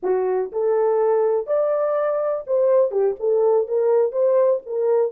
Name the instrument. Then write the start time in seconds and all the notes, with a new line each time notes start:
horn
0.02 F#4
0.52 A4
1.46 D5
2.46 C5
2.91 G4
3.19 A4
3.67 A#4
4.12 C5
4.66 A#4